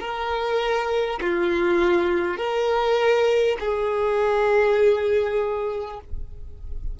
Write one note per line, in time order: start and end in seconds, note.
0.00 1.20 A#4
1.21 2.37 F4
2.37 3.57 A#4
3.59 5.99 G#4